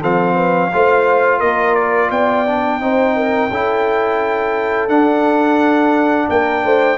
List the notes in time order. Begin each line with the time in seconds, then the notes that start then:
0.00 F3 C4 A4 F5
0.35 B4
0.73 A3 F4 C5
1.39 A#3 A#4 D#5
1.75 D5
2.10 B3 D5 G5
2.46 D4
2.80 C4 D#4 C5
3.16 A#4
3.50 C#4 E4 A4
4.88 D4 F#5
6.29 A#3 A#4 G5
6.64 A3 C5